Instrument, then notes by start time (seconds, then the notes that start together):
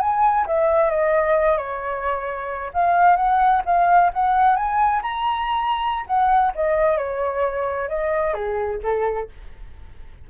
flute
0.00 G#5
0.46 E5
0.90 D#5
1.57 C#5
2.73 F5
3.16 F#5
3.65 F5
4.13 F#5
4.56 G#5
5.02 A#5
6.06 F#5
6.55 D#5
6.97 C#5
7.88 D#5
8.34 G#4
8.83 A4